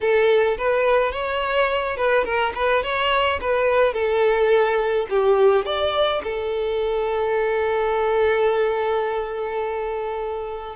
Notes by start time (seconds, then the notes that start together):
0.00 A4
0.57 B4
1.12 C#5
1.96 B4
2.24 A#4
2.54 B4
2.83 C#5
3.40 B4
3.93 A4
5.09 G4
5.65 D5
6.23 A4